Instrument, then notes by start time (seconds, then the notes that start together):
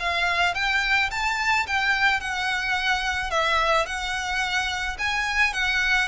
violin
0.00 F5
0.55 G5
1.11 A5
1.67 G5
2.21 F#5
3.31 E5
3.87 F#5
4.99 G#5
5.53 F#5